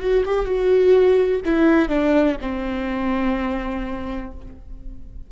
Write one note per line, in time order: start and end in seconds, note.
0.00 0.24 F#4
0.25 0.45 G4
0.45 1.41 F#4
1.45 1.89 E4
1.89 2.36 D4
2.41 4.32 C4